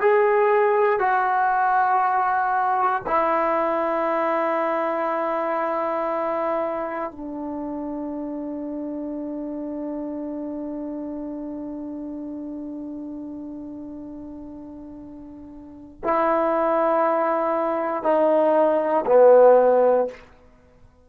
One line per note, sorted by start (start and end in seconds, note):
0.00 0.99 G#4
0.99 3.02 F#4
3.06 7.11 E4
7.11 16.01 D4
16.04 18.03 E4
18.03 19.04 D#4
19.06 20.08 B3